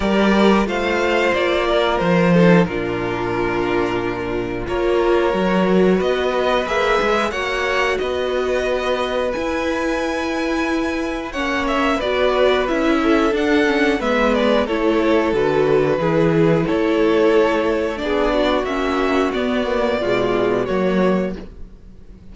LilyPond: <<
  \new Staff \with { instrumentName = "violin" } { \time 4/4 \tempo 4 = 90 d''4 f''4 d''4 c''4 | ais'2. cis''4~ | cis''4 dis''4 e''4 fis''4 | dis''2 gis''2~ |
gis''4 fis''8 e''8 d''4 e''4 | fis''4 e''8 d''8 cis''4 b'4~ | b'4 cis''2 d''4 | e''4 d''2 cis''4 | }
  \new Staff \with { instrumentName = "violin" } { \time 4/4 ais'4 c''4. ais'4 a'8 | f'2. ais'4~ | ais'4 b'2 cis''4 | b'1~ |
b'4 cis''4 b'4. a'8~ | a'4 b'4 a'2 | gis'4 a'2 gis'8 fis'8~ | fis'2 f'4 fis'4 | }
  \new Staff \with { instrumentName = "viola" } { \time 4/4 g'4 f'2~ f'8 dis'8 | d'2. f'4 | fis'2 gis'4 fis'4~ | fis'2 e'2~ |
e'4 cis'4 fis'4 e'4 | d'8 cis'8 b4 e'4 fis'4 | e'2. d'4 | cis'4 b8 ais8 gis4 ais4 | }
  \new Staff \with { instrumentName = "cello" } { \time 4/4 g4 a4 ais4 f4 | ais,2. ais4 | fis4 b4 ais8 gis8 ais4 | b2 e'2~ |
e'4 ais4 b4 cis'4 | d'4 gis4 a4 d4 | e4 a2 b4 | ais4 b4 b,4 fis4 | }
>>